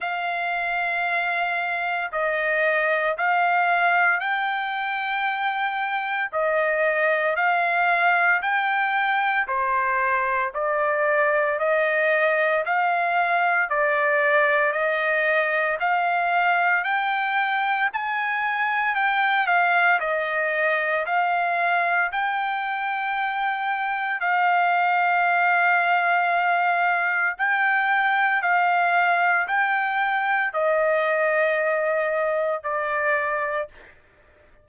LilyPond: \new Staff \with { instrumentName = "trumpet" } { \time 4/4 \tempo 4 = 57 f''2 dis''4 f''4 | g''2 dis''4 f''4 | g''4 c''4 d''4 dis''4 | f''4 d''4 dis''4 f''4 |
g''4 gis''4 g''8 f''8 dis''4 | f''4 g''2 f''4~ | f''2 g''4 f''4 | g''4 dis''2 d''4 | }